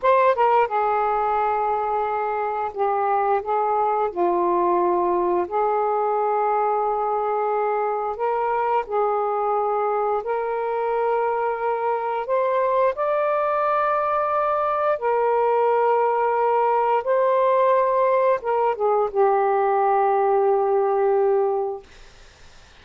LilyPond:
\new Staff \with { instrumentName = "saxophone" } { \time 4/4 \tempo 4 = 88 c''8 ais'8 gis'2. | g'4 gis'4 f'2 | gis'1 | ais'4 gis'2 ais'4~ |
ais'2 c''4 d''4~ | d''2 ais'2~ | ais'4 c''2 ais'8 gis'8 | g'1 | }